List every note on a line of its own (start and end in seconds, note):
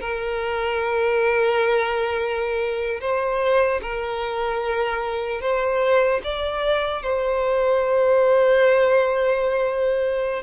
0.00 3.00 A#4
3.00 3.80 C5
3.81 5.41 A#4
5.41 6.21 C5
6.24 7.02 D5
7.02 10.42 C5